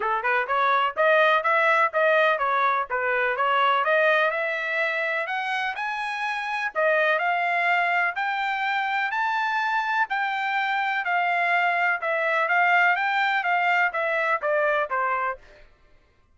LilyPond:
\new Staff \with { instrumentName = "trumpet" } { \time 4/4 \tempo 4 = 125 a'8 b'8 cis''4 dis''4 e''4 | dis''4 cis''4 b'4 cis''4 | dis''4 e''2 fis''4 | gis''2 dis''4 f''4~ |
f''4 g''2 a''4~ | a''4 g''2 f''4~ | f''4 e''4 f''4 g''4 | f''4 e''4 d''4 c''4 | }